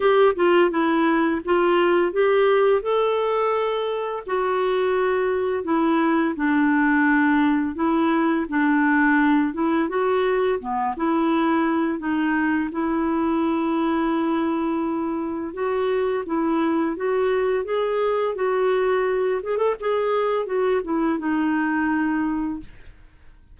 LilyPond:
\new Staff \with { instrumentName = "clarinet" } { \time 4/4 \tempo 4 = 85 g'8 f'8 e'4 f'4 g'4 | a'2 fis'2 | e'4 d'2 e'4 | d'4. e'8 fis'4 b8 e'8~ |
e'4 dis'4 e'2~ | e'2 fis'4 e'4 | fis'4 gis'4 fis'4. gis'16 a'16 | gis'4 fis'8 e'8 dis'2 | }